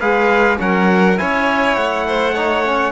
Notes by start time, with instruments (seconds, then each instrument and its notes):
0.00 cello G#3, trombone G#4, violin B4, trumpet F5
0.58 cello F#3, trombone C#4, violin A#4, trumpet F#5
1.17 cello C#4, trombone E4, violin C#5, trumpet G#5
1.76 cello A3, trumpet F#5
2.07 violin C5
2.34 trombone D#4, violin C#5
2.65 trombone C#4